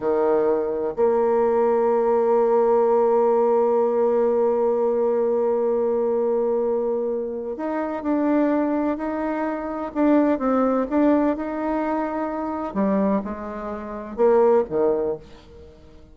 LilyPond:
\new Staff \with { instrumentName = "bassoon" } { \time 4/4 \tempo 4 = 127 dis2 ais2~ | ais1~ | ais1~ | ais1 |
dis'4 d'2 dis'4~ | dis'4 d'4 c'4 d'4 | dis'2. g4 | gis2 ais4 dis4 | }